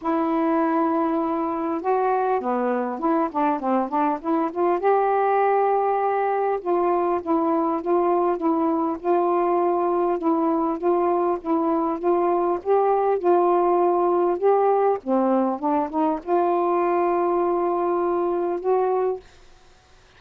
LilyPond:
\new Staff \with { instrumentName = "saxophone" } { \time 4/4 \tempo 4 = 100 e'2. fis'4 | b4 e'8 d'8 c'8 d'8 e'8 f'8 | g'2. f'4 | e'4 f'4 e'4 f'4~ |
f'4 e'4 f'4 e'4 | f'4 g'4 f'2 | g'4 c'4 d'8 dis'8 f'4~ | f'2. fis'4 | }